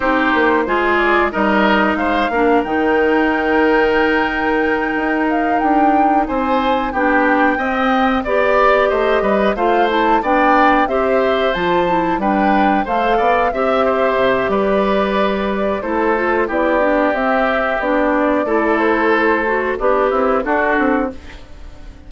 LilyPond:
<<
  \new Staff \with { instrumentName = "flute" } { \time 4/4 \tempo 4 = 91 c''4. d''8 dis''4 f''4 | g''1 | f''8 g''4 gis''4 g''4.~ | g''8 d''4 dis''4 f''8 a''8 g''8~ |
g''8 e''4 a''4 g''4 f''8~ | f''8 e''4. d''2 | c''4 d''4 e''4 d''4~ | d''8 c''4. b'4 a'4 | }
  \new Staff \with { instrumentName = "oboe" } { \time 4/4 g'4 gis'4 ais'4 c''8 ais'8~ | ais'1~ | ais'4. c''4 g'4 dis''8~ | dis''8 d''4 c''8 b'8 c''4 d''8~ |
d''8 c''2 b'4 c''8 | d''8 e''8 c''4 b'2 | a'4 g'2. | a'2 d'8 e'8 fis'4 | }
  \new Staff \with { instrumentName = "clarinet" } { \time 4/4 dis'4 f'4 dis'4. d'8 | dis'1~ | dis'2~ dis'8 d'4 c'8~ | c'8 g'2 f'8 e'8 d'8~ |
d'8 g'4 f'8 e'8 d'4 a'8~ | a'8 g'2.~ g'8 | e'8 f'8 e'8 d'8 c'4 d'4 | e'4. fis'8 g'4 d'4 | }
  \new Staff \with { instrumentName = "bassoon" } { \time 4/4 c'8 ais8 gis4 g4 gis8 ais8 | dis2.~ dis8 dis'8~ | dis'8 d'4 c'4 b4 c'8~ | c'8 b4 a8 g8 a4 b8~ |
b8 c'4 f4 g4 a8 | b8 c'4 c8 g2 | a4 b4 c'4 b4 | a2 b8 c'8 d'8 c'8 | }
>>